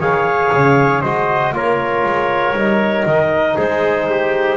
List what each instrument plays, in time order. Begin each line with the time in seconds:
0.00 double bass D#3, trombone G#4, trumpet C#5, clarinet F5
0.53 double bass C#3
1.02 double bass G#3, trombone F#4, trumpet C5, clarinet D#5
1.53 double bass A#3, trombone F4, trumpet A#4, clarinet C#5
2.04 double bass G#3
2.53 double bass G3, trombone D#4
3.06 double bass D#3, clarinet D#5
3.56 double bass G#3, trumpet G#4, clarinet C5
4.10 trumpet G4